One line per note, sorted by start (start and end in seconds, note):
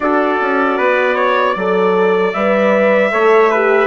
0.00 0.38 D4
0.00 1.57 F#4
0.00 0.77 A4
0.00 2.33 D5
0.40 0.78 C#4
0.77 1.55 B3
0.77 1.15 B4
1.15 1.53 C#5
1.53 2.33 F#3
1.53 2.36 A4
1.53 3.09 D5
2.33 3.11 G3
2.33 3.11 B4
2.33 3.87 E5
3.11 3.87 A3
3.11 3.50 A4
3.11 3.50 C#5
3.50 3.87 G4
3.50 3.87 B4